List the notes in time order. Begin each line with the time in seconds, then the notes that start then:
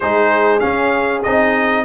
0.00 G#3 D#4 G#4 C5
0.59 C#4 F5
1.23 C4 D#4 D#5